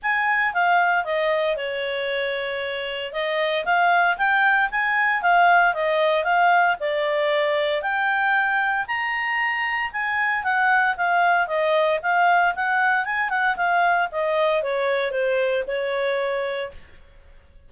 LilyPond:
\new Staff \with { instrumentName = "clarinet" } { \time 4/4 \tempo 4 = 115 gis''4 f''4 dis''4 cis''4~ | cis''2 dis''4 f''4 | g''4 gis''4 f''4 dis''4 | f''4 d''2 g''4~ |
g''4 ais''2 gis''4 | fis''4 f''4 dis''4 f''4 | fis''4 gis''8 fis''8 f''4 dis''4 | cis''4 c''4 cis''2 | }